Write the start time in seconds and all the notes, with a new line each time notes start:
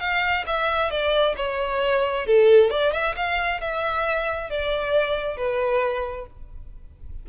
0.00 F5
0.47 E5
0.91 D5
1.37 C#5
2.26 A4
2.70 D5
2.93 E5
3.16 F5
3.61 E5
4.50 D5
5.37 B4